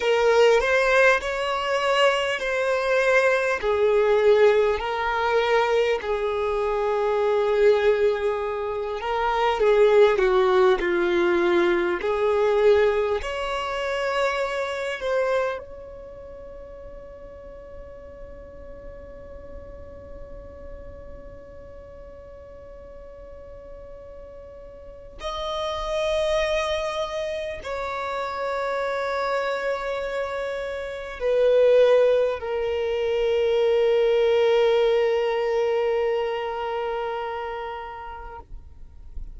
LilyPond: \new Staff \with { instrumentName = "violin" } { \time 4/4 \tempo 4 = 50 ais'8 c''8 cis''4 c''4 gis'4 | ais'4 gis'2~ gis'8 ais'8 | gis'8 fis'8 f'4 gis'4 cis''4~ | cis''8 c''8 cis''2.~ |
cis''1~ | cis''4 dis''2 cis''4~ | cis''2 b'4 ais'4~ | ais'1 | }